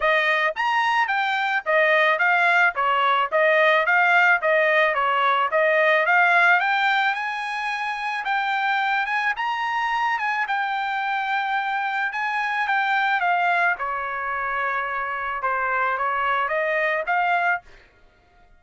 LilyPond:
\new Staff \with { instrumentName = "trumpet" } { \time 4/4 \tempo 4 = 109 dis''4 ais''4 g''4 dis''4 | f''4 cis''4 dis''4 f''4 | dis''4 cis''4 dis''4 f''4 | g''4 gis''2 g''4~ |
g''8 gis''8 ais''4. gis''8 g''4~ | g''2 gis''4 g''4 | f''4 cis''2. | c''4 cis''4 dis''4 f''4 | }